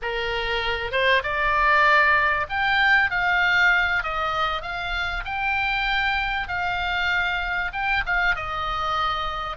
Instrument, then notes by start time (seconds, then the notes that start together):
oboe
0.01 A#4
0.91 C5
1.23 D5
2.49 G5
3.10 F5
4.03 D#5
4.62 F5
5.24 G5
6.48 F5
7.72 G5
8.06 F5
8.35 D#5